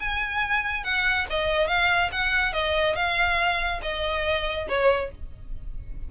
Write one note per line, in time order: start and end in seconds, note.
0.00 0.84 G#5
0.84 1.26 F#5
1.30 1.68 D#5
1.68 2.10 F5
2.12 2.53 F#5
2.53 2.96 D#5
2.96 3.81 F5
3.82 4.68 D#5
4.69 5.11 C#5